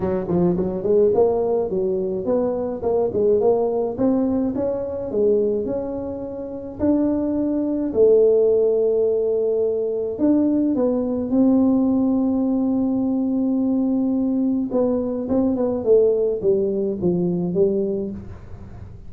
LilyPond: \new Staff \with { instrumentName = "tuba" } { \time 4/4 \tempo 4 = 106 fis8 f8 fis8 gis8 ais4 fis4 | b4 ais8 gis8 ais4 c'4 | cis'4 gis4 cis'2 | d'2 a2~ |
a2 d'4 b4 | c'1~ | c'2 b4 c'8 b8 | a4 g4 f4 g4 | }